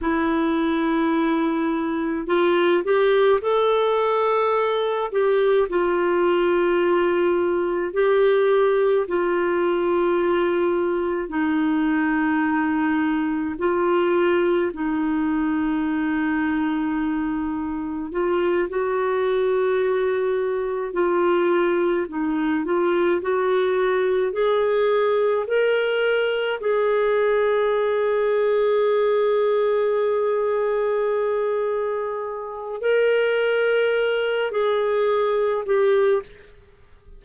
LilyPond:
\new Staff \with { instrumentName = "clarinet" } { \time 4/4 \tempo 4 = 53 e'2 f'8 g'8 a'4~ | a'8 g'8 f'2 g'4 | f'2 dis'2 | f'4 dis'2. |
f'8 fis'2 f'4 dis'8 | f'8 fis'4 gis'4 ais'4 gis'8~ | gis'1~ | gis'4 ais'4. gis'4 g'8 | }